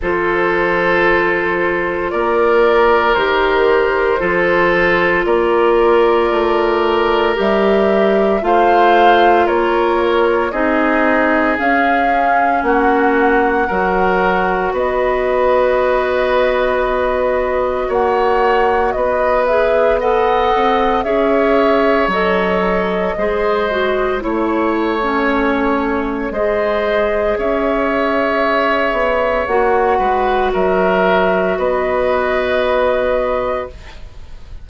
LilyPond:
<<
  \new Staff \with { instrumentName = "flute" } { \time 4/4 \tempo 4 = 57 c''2 d''4 c''4~ | c''4 d''2 e''4 | f''4 cis''4 dis''4 f''4 | fis''2 dis''2~ |
dis''4 fis''4 dis''8 e''8 fis''4 | e''4 dis''2 cis''4~ | cis''4 dis''4 e''2 | fis''4 e''4 dis''2 | }
  \new Staff \with { instrumentName = "oboe" } { \time 4/4 a'2 ais'2 | a'4 ais'2. | c''4 ais'4 gis'2 | fis'4 ais'4 b'2~ |
b'4 cis''4 b'4 dis''4 | cis''2 c''4 cis''4~ | cis''4 c''4 cis''2~ | cis''8 b'8 ais'4 b'2 | }
  \new Staff \with { instrumentName = "clarinet" } { \time 4/4 f'2. g'4 | f'2. g'4 | f'2 dis'4 cis'4~ | cis'4 fis'2.~ |
fis'2~ fis'8 gis'8 a'4 | gis'4 a'4 gis'8 fis'8 e'8. cis'16~ | cis'4 gis'2. | fis'1 | }
  \new Staff \with { instrumentName = "bassoon" } { \time 4/4 f2 ais4 dis4 | f4 ais4 a4 g4 | a4 ais4 c'4 cis'4 | ais4 fis4 b2~ |
b4 ais4 b4. c'8 | cis'4 fis4 gis4 a4~ | a4 gis4 cis'4. b8 | ais8 gis8 fis4 b2 | }
>>